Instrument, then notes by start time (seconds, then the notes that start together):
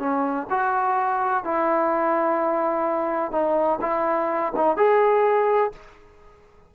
trombone
0.00 C#4
0.51 F#4
1.45 E4
3.32 D#4
3.82 E4
4.57 D#4
4.77 G#4